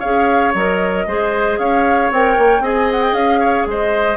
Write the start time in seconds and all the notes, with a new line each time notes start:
0.00 C#4 G#4 C#5 F5
0.54 F#3 A#4 D#5
1.07 G#3 G#4 C5
1.59 C#4 C#5 F5
2.11 C4 A#4 G5
2.38 A#3
2.61 C4 G#4 D#5 G#5
2.92 F#5
3.03 G5
3.13 C#4 F5
3.40 C#5
3.67 G#3 C5 D#5